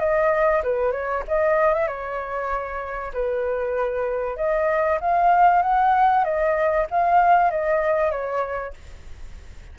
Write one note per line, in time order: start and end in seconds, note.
0.00 0.62 D#5
0.64 0.92 B4
0.92 1.24 C#5
1.28 1.74 D#5
1.74 1.88 E5
1.88 3.13 C#5
3.14 4.37 B4
4.37 4.99 D#5
5.01 5.63 F5
5.63 6.25 F#5
6.25 6.87 D#5
6.91 7.51 F5
7.51 8.11 D#5
8.11 8.74 C#5